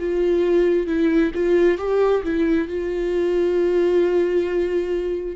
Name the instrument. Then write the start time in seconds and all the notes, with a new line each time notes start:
viola
0.00 F4
0.87 E4
1.35 F4
1.78 G4
2.23 E4
2.68 F4